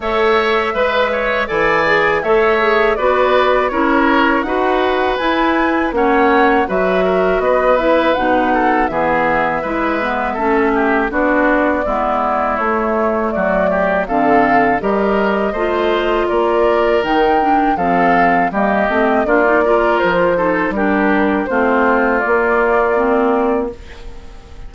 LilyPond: <<
  \new Staff \with { instrumentName = "flute" } { \time 4/4 \tempo 4 = 81 e''2 gis''4 e''4 | d''4 cis''4 fis''4 gis''4 | fis''4 e''4 dis''8 e''8 fis''4 | e''2. d''4~ |
d''4 cis''4 d''4 f''4 | dis''2 d''4 g''4 | f''4 dis''4 d''4 c''4 | ais'4 c''4 d''2 | }
  \new Staff \with { instrumentName = "oboe" } { \time 4/4 cis''4 b'8 cis''8 d''4 cis''4 | b'4 ais'4 b'2 | cis''4 b'8 ais'8 b'4. a'8 | gis'4 b'4 a'8 g'8 fis'4 |
e'2 fis'8 g'8 a'4 | ais'4 c''4 ais'2 | a'4 g'4 f'8 ais'4 a'8 | g'4 f'2. | }
  \new Staff \with { instrumentName = "clarinet" } { \time 4/4 a'4 b'4 a'8 gis'8 a'8 gis'8 | fis'4 e'4 fis'4 e'4 | cis'4 fis'4. e'8 dis'4 | b4 e'8 b8 cis'4 d'4 |
b4 a2 c'4 | g'4 f'2 dis'8 d'8 | c'4 ais8 c'8 d'16 dis'16 f'4 dis'8 | d'4 c'4 ais4 c'4 | }
  \new Staff \with { instrumentName = "bassoon" } { \time 4/4 a4 gis4 e4 a4 | b4 cis'4 dis'4 e'4 | ais4 fis4 b4 b,4 | e4 gis4 a4 b4 |
gis4 a4 fis4 d4 | g4 a4 ais4 dis4 | f4 g8 a8 ais4 f4 | g4 a4 ais2 | }
>>